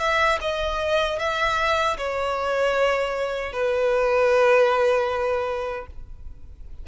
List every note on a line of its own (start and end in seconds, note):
0.00 0.39 E5
0.41 1.19 D#5
1.19 1.97 E5
1.98 3.53 C#5
3.53 5.87 B4